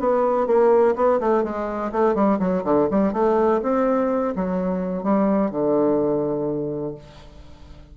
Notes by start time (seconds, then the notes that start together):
0.00 B3
0.47 A#3
0.96 B3
1.20 A3
1.44 G#3
1.92 A3
2.16 G3
2.40 F#3
2.64 D3
2.91 G3
3.13 A3
3.63 C4
4.36 F#3
5.04 G3
5.51 D3